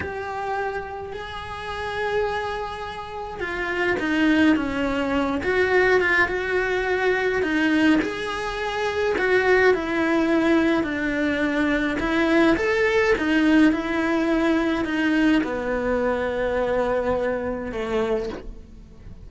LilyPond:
\new Staff \with { instrumentName = "cello" } { \time 4/4 \tempo 4 = 105 g'2 gis'2~ | gis'2 f'4 dis'4 | cis'4. fis'4 f'8 fis'4~ | fis'4 dis'4 gis'2 |
fis'4 e'2 d'4~ | d'4 e'4 a'4 dis'4 | e'2 dis'4 b4~ | b2. a4 | }